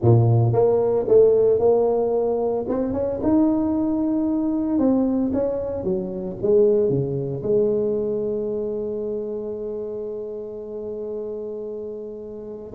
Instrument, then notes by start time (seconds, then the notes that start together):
tuba
0.01 A#2
0.52 A#3
1.08 A3
1.59 A#3
2.68 C4
2.93 C#4
3.22 D#4
4.78 C4
5.33 C#4
5.83 F#3
6.42 G#3
6.89 C#3
7.42 G#3